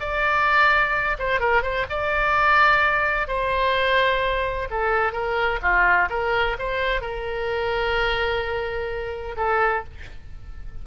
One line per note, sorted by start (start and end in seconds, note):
0.00 1.17 D5
1.19 1.40 C5
1.40 1.62 A#4
1.62 1.86 C5
1.90 3.28 D5
3.28 4.68 C5
4.70 5.12 A4
5.12 5.59 A#4
5.62 6.09 F4
6.10 6.57 A#4
6.59 7.01 C5
7.01 9.36 A#4
9.37 9.84 A4